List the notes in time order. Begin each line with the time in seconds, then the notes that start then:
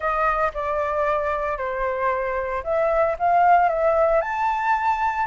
0.00 D#5
0.54 D5
1.57 C5
2.63 E5
3.18 F5
3.68 E5
4.21 A5